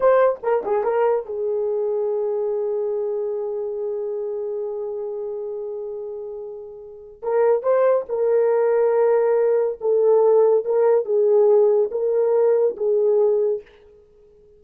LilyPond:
\new Staff \with { instrumentName = "horn" } { \time 4/4 \tempo 4 = 141 c''4 ais'8 gis'8 ais'4 gis'4~ | gis'1~ | gis'1~ | gis'1~ |
gis'4 ais'4 c''4 ais'4~ | ais'2. a'4~ | a'4 ais'4 gis'2 | ais'2 gis'2 | }